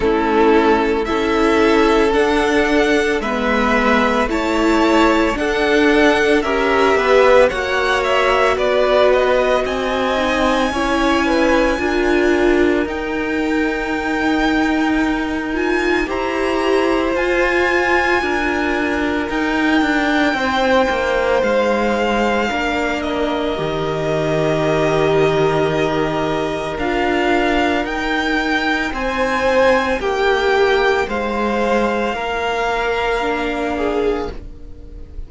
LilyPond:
<<
  \new Staff \with { instrumentName = "violin" } { \time 4/4 \tempo 4 = 56 a'4 e''4 fis''4 e''4 | a''4 fis''4 e''4 fis''8 e''8 | d''8 dis''8 gis''2. | g''2~ g''8 gis''8 ais''4 |
gis''2 g''2 | f''4. dis''2~ dis''8~ | dis''4 f''4 g''4 gis''4 | g''4 f''2. | }
  \new Staff \with { instrumentName = "violin" } { \time 4/4 e'4 a'2 b'4 | cis''4 a'4 ais'8 b'8 cis''4 | b'4 dis''4 cis''8 b'8 ais'4~ | ais'2. c''4~ |
c''4 ais'2 c''4~ | c''4 ais'2.~ | ais'2. c''4 | g'4 c''4 ais'4. gis'8 | }
  \new Staff \with { instrumentName = "viola" } { \time 4/4 cis'4 e'4 d'4 b4 | e'4 d'4 g'4 fis'4~ | fis'4. dis'8 e'4 f'4 | dis'2~ dis'8 f'8 g'4 |
f'2 dis'2~ | dis'4 d'4 g'2~ | g'4 f'4 dis'2~ | dis'2. d'4 | }
  \new Staff \with { instrumentName = "cello" } { \time 4/4 a4 cis'4 d'4 gis4 | a4 d'4 cis'8 b8 ais4 | b4 c'4 cis'4 d'4 | dis'2. e'4 |
f'4 d'4 dis'8 d'8 c'8 ais8 | gis4 ais4 dis2~ | dis4 d'4 dis'4 c'4 | ais4 gis4 ais2 | }
>>